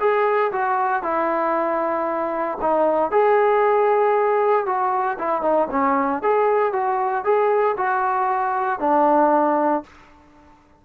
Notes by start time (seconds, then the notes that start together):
0.00 G#4
0.52 F#4
1.03 E4
2.61 D#4
3.11 G#4
4.66 F#4
5.19 E4
5.42 D#4
5.71 C#4
6.23 G#4
6.73 F#4
7.25 G#4
7.77 F#4
8.80 D4